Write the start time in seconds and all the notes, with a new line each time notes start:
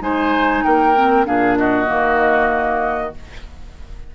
0.00 G#3 D#4 C5 G#5
0.62 A#3 A#4 G5
0.95 C4
1.25 A#2 D4 G#4 F5
1.57 F#4 D#5
1.85 D#3 A#3